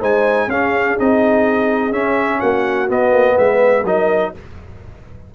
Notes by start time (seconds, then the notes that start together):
0.00 G#3 D#4 C5 G#5
0.48 C#4 G#4 F5
0.98 C4 D#4 D#5
1.92 C#4 E5
2.40 A#3 F#4 F#5
2.88 B3 D#5
3.13 A#3
3.35 G#3 B4 E5
3.84 F#3 D#4 A#4 D#5